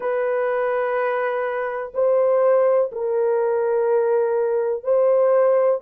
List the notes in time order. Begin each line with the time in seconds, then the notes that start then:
0.00 B4
1.94 C5
2.92 A#4
4.83 C5